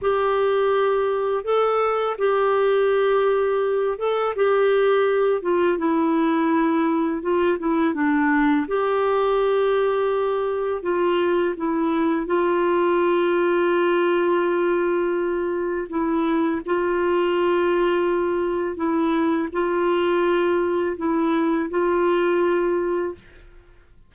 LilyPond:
\new Staff \with { instrumentName = "clarinet" } { \time 4/4 \tempo 4 = 83 g'2 a'4 g'4~ | g'4. a'8 g'4. f'8 | e'2 f'8 e'8 d'4 | g'2. f'4 |
e'4 f'2.~ | f'2 e'4 f'4~ | f'2 e'4 f'4~ | f'4 e'4 f'2 | }